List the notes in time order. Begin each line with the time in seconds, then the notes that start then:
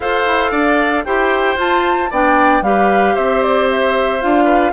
0.00 F4 A4 C5 F5
0.26 E4
0.51 D4 D5
1.04 E4 G4 C5 G5
1.55 F4 A5
2.10 B3 D4 D5 G5
2.61 G3 G4 B4 F5
3.14 C4 C5 E5
3.42 D5
3.70 E5
4.21 D4 F4 F5
4.44 B4